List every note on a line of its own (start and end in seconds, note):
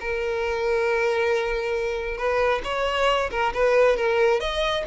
0.00 2.17 A#4
2.17 2.61 B4
2.64 3.30 C#5
3.31 3.53 A#4
3.54 3.97 B4
3.97 4.40 A#4
4.40 4.84 D#5